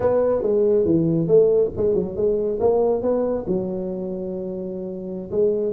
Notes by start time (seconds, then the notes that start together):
0.00 B3
0.42 G#3
0.85 E3
1.27 A3
1.76 G#3
1.94 F#3
2.16 G#3
2.59 A#3
3.02 B3
3.47 F#3
5.31 G#3